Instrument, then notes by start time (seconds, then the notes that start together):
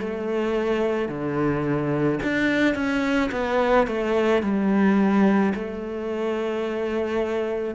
cello
0.00 A3
1.09 D3
2.23 D4
2.75 C#4
3.32 B3
3.87 A3
4.43 G3
5.55 A3